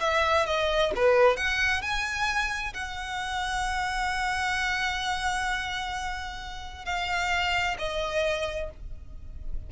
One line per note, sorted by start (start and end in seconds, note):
0.00 0.46 E5
0.46 0.92 D#5
0.96 1.37 B4
1.37 1.82 F#5
1.82 2.73 G#5
2.74 6.85 F#5
6.85 7.77 F5
7.78 8.70 D#5